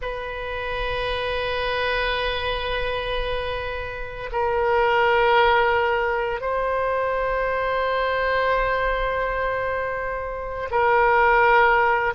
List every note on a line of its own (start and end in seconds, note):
0.01 4.30 B4
4.31 6.40 A#4
6.40 10.69 C5
10.70 12.13 A#4